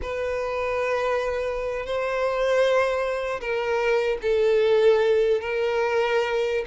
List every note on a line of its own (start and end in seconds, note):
0.02 1.86 B4
1.86 3.40 C5
3.40 4.18 A#4
4.22 5.40 A4
5.40 6.64 A#4